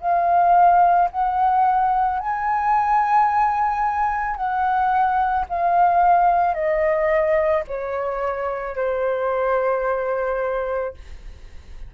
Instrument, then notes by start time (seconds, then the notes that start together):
flute
0.00 F5
1.11 F#5
2.20 G#5
4.36 F#5
5.49 F5
6.54 D#5
7.68 C#5
8.76 C5